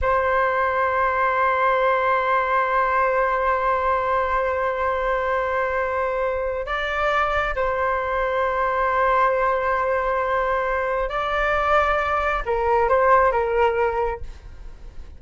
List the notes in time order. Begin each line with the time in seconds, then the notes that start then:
0.01 C5
6.65 D5
7.55 C5
11.09 D5
12.45 A#4
12.88 C5
13.31 A#4